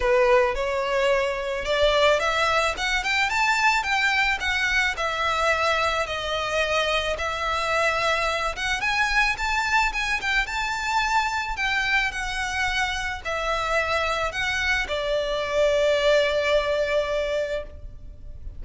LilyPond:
\new Staff \with { instrumentName = "violin" } { \time 4/4 \tempo 4 = 109 b'4 cis''2 d''4 | e''4 fis''8 g''8 a''4 g''4 | fis''4 e''2 dis''4~ | dis''4 e''2~ e''8 fis''8 |
gis''4 a''4 gis''8 g''8 a''4~ | a''4 g''4 fis''2 | e''2 fis''4 d''4~ | d''1 | }